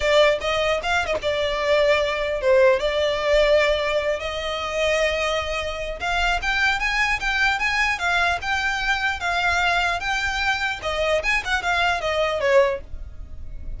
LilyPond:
\new Staff \with { instrumentName = "violin" } { \time 4/4 \tempo 4 = 150 d''4 dis''4 f''8. dis''16 d''4~ | d''2 c''4 d''4~ | d''2~ d''8 dis''4.~ | dis''2. f''4 |
g''4 gis''4 g''4 gis''4 | f''4 g''2 f''4~ | f''4 g''2 dis''4 | gis''8 fis''8 f''4 dis''4 cis''4 | }